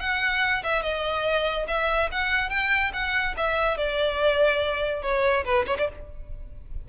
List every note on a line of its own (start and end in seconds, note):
0.00 0.63 F#5
0.63 0.83 E5
0.83 1.66 D#5
1.68 2.10 E5
2.12 2.50 F#5
2.50 2.92 G5
2.93 3.35 F#5
3.37 3.78 E5
3.78 5.03 D5
5.03 5.45 C#5
5.45 5.66 B4
5.67 5.78 C#5
5.79 5.89 D5